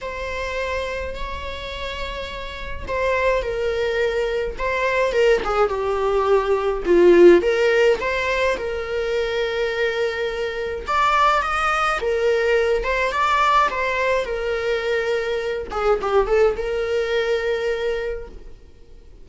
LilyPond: \new Staff \with { instrumentName = "viola" } { \time 4/4 \tempo 4 = 105 c''2 cis''2~ | cis''4 c''4 ais'2 | c''4 ais'8 gis'8 g'2 | f'4 ais'4 c''4 ais'4~ |
ais'2. d''4 | dis''4 ais'4. c''8 d''4 | c''4 ais'2~ ais'8 gis'8 | g'8 a'8 ais'2. | }